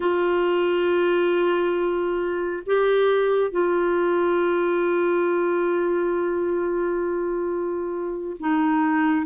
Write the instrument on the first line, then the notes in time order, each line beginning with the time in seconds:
clarinet
0.00 F4
2.66 G4
3.51 F4
8.39 D#4